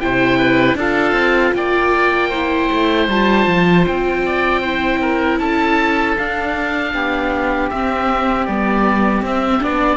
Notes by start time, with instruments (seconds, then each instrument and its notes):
0.00 cello C3, viola E4, oboe C5 G5
0.38 oboe B4
0.75 cello D4, viola F4, oboe A4 F5
1.12 cello C4
1.54 cello A#3, oboe D5 G5
2.29 viola E4, oboe C5
2.72 cello A3
3.08 cello G3, viola F4, oboe A5
3.47 cello F3
3.87 cello C4, oboe G5
4.26 oboe D5
4.61 viola E4, oboe C5
5.01 oboe A#4
5.39 cello C#4, oboe A4 A5
6.17 cello D4, viola D4, oboe F5
6.93 cello B3, oboe G4
7.70 viola C4, cello C4, oboe E5
8.46 cello G3, viola B3, oboe D5
9.22 cello C4, viola C4, oboe E5
9.60 cello B3, viola D4, oboe D5